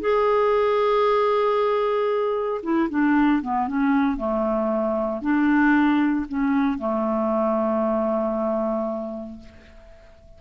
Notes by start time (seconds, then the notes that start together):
0.00 G#4
2.63 E4
2.89 D4
3.42 B3
3.67 C#4
4.17 A3
5.21 D4
6.28 C#4
6.78 A3